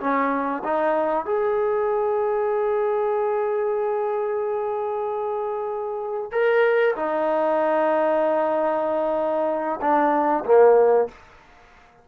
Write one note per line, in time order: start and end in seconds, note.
0.00 0.63 C#4
0.64 1.26 D#4
1.26 6.31 G#4
6.32 6.96 A#4
6.96 9.80 D#4
9.82 10.45 D4
10.46 11.09 A#3